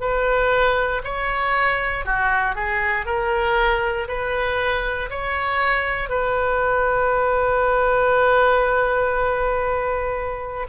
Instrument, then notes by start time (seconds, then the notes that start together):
oboe
0.00 B4
1.04 C#5
2.05 F#4
2.55 G#4
3.06 A#4
4.08 B4
5.09 C#5
6.09 B4